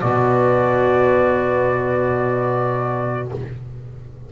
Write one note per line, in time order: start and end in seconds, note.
0.00 3.32 B2
0.00 3.32 B3
0.00 3.31 F#4
0.00 3.30 D5